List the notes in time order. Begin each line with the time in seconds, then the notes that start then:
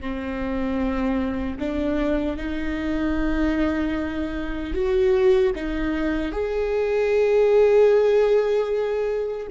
0.00 C4
1.59 D4
2.36 D#4
4.73 F#4
5.55 D#4
6.31 G#4